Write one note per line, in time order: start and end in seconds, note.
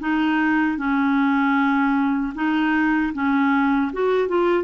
0.00 0.78 D#4
0.78 2.33 C#4
2.35 3.13 D#4
3.14 3.92 C#4
3.93 4.29 F#4
4.29 4.64 F4